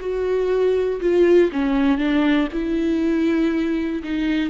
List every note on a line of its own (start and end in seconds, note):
0.00 1.00 F#4
1.01 1.51 F4
1.52 1.98 C#4
1.98 2.48 D4
2.53 4.03 E4
4.03 4.50 D#4